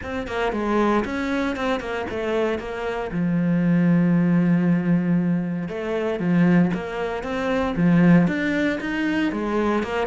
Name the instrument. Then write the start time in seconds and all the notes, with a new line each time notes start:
cello
0.02 C4
0.27 A#3
0.52 G#3
1.05 C#4
1.55 C4
1.79 A#3
2.10 A3
2.59 A#3
3.11 F3
5.68 A3
6.19 F3
6.74 A#3
7.23 C4
7.76 F3
8.27 D4
8.80 D#4
9.32 G#3
9.83 A#3